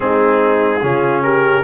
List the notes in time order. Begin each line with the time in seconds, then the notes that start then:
0.00 G#3 C4 D#4 G#4
0.82 C#3 C#4 F4
1.22 G4 A#4